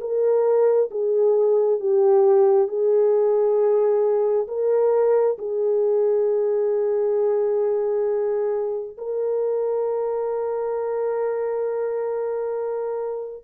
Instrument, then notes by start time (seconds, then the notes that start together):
horn
0.00 A#4
0.90 G#4
1.80 G4
2.67 G#4
4.47 A#4
5.38 G#4
8.97 A#4